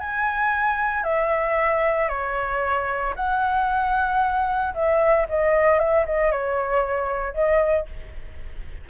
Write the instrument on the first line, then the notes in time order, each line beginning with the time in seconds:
flute
0.00 G#5
1.04 E5
2.09 C#5
3.16 F#5
4.74 E5
5.29 D#5
5.79 E5
6.06 D#5
6.32 C#5
7.34 D#5